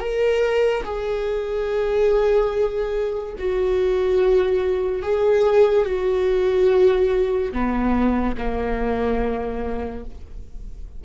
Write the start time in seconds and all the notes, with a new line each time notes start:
0.00 A#4
0.84 G#4
3.38 F#4
5.03 G#4
5.85 F#4
7.52 B3
8.37 A#3